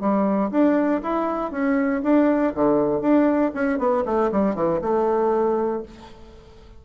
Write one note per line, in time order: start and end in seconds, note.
0.00 0.50 G3
0.51 1.01 D4
1.02 1.51 E4
1.51 2.01 C#4
2.03 2.53 D4
2.54 3.01 D3
3.01 3.51 D4
3.54 3.79 C#4
3.79 4.04 B3
4.05 4.30 A3
4.32 4.55 G3
4.55 4.80 E3
4.82 5.82 A3